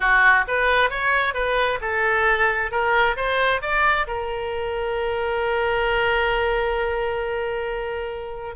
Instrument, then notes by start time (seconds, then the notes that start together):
oboe
0.00 F#4
0.47 B4
0.89 C#5
1.33 B4
1.81 A4
2.71 A#4
3.16 C5
3.61 D5
4.07 A#4